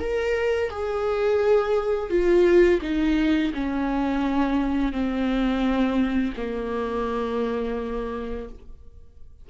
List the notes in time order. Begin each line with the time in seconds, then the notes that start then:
0.00 A#4
0.70 G#4
2.10 F4
2.82 D#4
3.54 C#4
4.93 C4
6.37 A#3